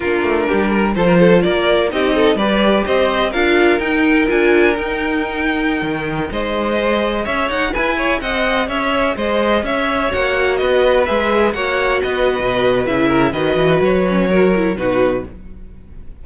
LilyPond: <<
  \new Staff \with { instrumentName = "violin" } { \time 4/4 \tempo 4 = 126 ais'2 c''4 d''4 | dis''4 d''4 dis''4 f''4 | g''4 gis''4 g''2~ | g''4~ g''16 dis''2 e''8 fis''16~ |
fis''16 gis''4 fis''4 e''4 dis''8.~ | dis''16 e''4 fis''4 dis''4 e''8.~ | e''16 fis''4 dis''4.~ dis''16 e''4 | dis''4 cis''2 b'4 | }
  \new Staff \with { instrumentName = "violin" } { \time 4/4 f'4 g'8 ais'8 a'16 ais'16 a'8 ais'4 | g'8 a'8 b'4 c''4 ais'4~ | ais'1~ | ais'4~ ais'16 c''2 cis''8.~ |
cis''16 b'8 cis''8 dis''4 cis''4 c''8.~ | c''16 cis''2 b'4.~ b'16~ | b'16 cis''4 b'2~ b'16 ais'8 | b'2 ais'4 fis'4 | }
  \new Staff \with { instrumentName = "viola" } { \time 4/4 d'2 f'2 | dis'4 g'2 f'4 | dis'4 f'4 dis'2~ | dis'2~ dis'16 gis'4.~ gis'16~ |
gis'1~ | gis'4~ gis'16 fis'2 gis'8.~ | gis'16 fis'2~ fis'8. e'4 | fis'4. cis'8 fis'8 e'8 dis'4 | }
  \new Staff \with { instrumentName = "cello" } { \time 4/4 ais8 a8 g4 f4 ais4 | c'4 g4 c'4 d'4 | dis'4 d'4 dis'2~ | dis'16 dis4 gis2 cis'8 dis'16~ |
dis'16 e'4 c'4 cis'4 gis8.~ | gis16 cis'4 ais4 b4 gis8.~ | gis16 ais4 b8. b,4 cis4 | dis8 e8 fis2 b,4 | }
>>